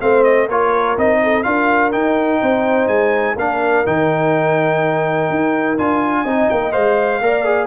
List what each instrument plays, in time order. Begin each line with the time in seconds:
0.00 tuba A3, trombone C4, horn C5, trumpet F5
0.24 trumpet D#5
0.47 tuba A#3, trombone F4, horn A#4, trumpet C#5
0.97 tuba C4, trombone D#4, trumpet D#5
1.23 horn A4
1.43 tuba D4, trombone F4, horn A#4, trumpet F5
1.92 trombone D#4, tuba D#4, trumpet G5
2.41 tuba C4, horn C5
2.88 tuba G#3, trumpet G#5
3.36 tuba A#3, trombone D4, horn A#4, trumpet F5
3.85 tuba D#3, trombone D#4, trumpet G5
5.30 tuba D#4
5.78 tuba D4, trombone F4, trumpet G#5
6.22 tuba C4, trombone D#4, horn D#5
6.50 tuba A#3, trumpet G5
6.72 tuba G#3, trombone C5, trumpet F5
7.21 tuba A#3, trombone A#4, horn D5
7.45 trombone G#4